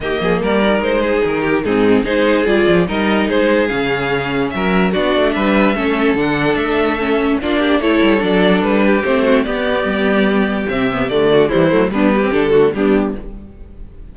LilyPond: <<
  \new Staff \with { instrumentName = "violin" } { \time 4/4 \tempo 4 = 146 dis''4 d''4 c''4 ais'4 | gis'4 c''4 d''4 dis''4 | c''4 f''2 e''4 | d''4 e''2 fis''4 |
e''2 d''4 cis''4 | d''4 b'4 c''4 d''4~ | d''2 e''4 d''4 | c''4 b'4 a'4 g'4 | }
  \new Staff \with { instrumentName = "violin" } { \time 4/4 g'8 gis'8 ais'4. gis'4 g'8 | dis'4 gis'2 ais'4 | gis'2. ais'4 | fis'4 b'4 a'2~ |
a'2 f'8 g'8 a'4~ | a'4. g'4 fis'8 g'4~ | g'2.~ g'8 fis'8 | e'4 d'8 g'4 fis'8 d'4 | }
  \new Staff \with { instrumentName = "viola" } { \time 4/4 ais4. dis'2~ dis'8 | c'4 dis'4 f'4 dis'4~ | dis'4 cis'2. | d'2 cis'4 d'4~ |
d'4 cis'4 d'4 e'4 | d'2 c'4 b4~ | b2 c'8 b8 a4 | g8 a8 b8. c'16 d'8 a8 b4 | }
  \new Staff \with { instrumentName = "cello" } { \time 4/4 dis8 f8 g4 gis4 dis4 | gis,4 gis4 g8 f8 g4 | gis4 cis2 fis4 | b8 a8 g4 a4 d4 |
a2 ais4 a8 g8 | fis4 g4 a4 b4 | g2 c4 d4 | e8 fis8 g4 d4 g4 | }
>>